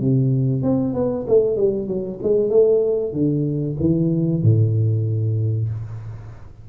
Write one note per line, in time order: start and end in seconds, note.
0.00 0.62 C3
0.62 0.94 C4
0.94 1.26 B3
1.28 1.56 A3
1.56 1.87 G3
1.87 2.19 F#3
2.23 2.50 G#3
2.50 3.13 A3
3.13 3.76 D3
3.80 4.42 E3
4.42 5.69 A2